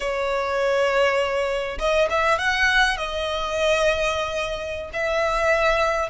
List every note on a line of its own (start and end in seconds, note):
0.00 1.78 C#5
1.78 2.08 D#5
2.10 2.38 E5
2.38 2.97 F#5
2.97 4.90 D#5
4.93 6.09 E5